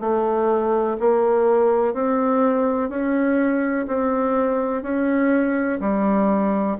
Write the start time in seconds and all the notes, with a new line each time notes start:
0.00 A3
0.99 A#3
1.94 C4
2.89 C#4
3.87 C4
4.82 C#4
5.80 G3